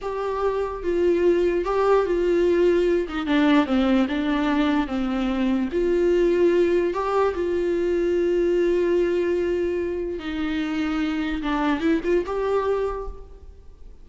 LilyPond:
\new Staff \with { instrumentName = "viola" } { \time 4/4 \tempo 4 = 147 g'2 f'2 | g'4 f'2~ f'8 dis'8 | d'4 c'4 d'2 | c'2 f'2~ |
f'4 g'4 f'2~ | f'1~ | f'4 dis'2. | d'4 e'8 f'8 g'2 | }